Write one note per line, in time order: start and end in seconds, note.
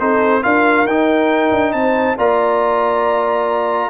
0.00 0.44 C4
0.00 0.43 D#4
0.00 0.43 A4
0.00 0.43 C5
0.43 0.86 D4
0.43 0.86 F4
0.43 1.74 A#4
0.43 0.87 F5
0.86 1.51 D#4
0.86 2.18 D#4
0.86 1.73 G5
1.52 1.74 D4
1.73 2.17 C4
1.73 2.18 C5
1.73 2.17 A5
2.18 3.90 A#3
2.18 3.90 F4
2.18 3.90 D5
2.18 3.90 A#5